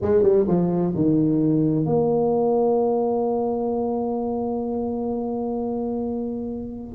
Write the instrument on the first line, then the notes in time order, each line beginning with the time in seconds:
tuba
0.01 G#3
0.22 G3
0.47 F3
0.95 D#3
1.85 A#3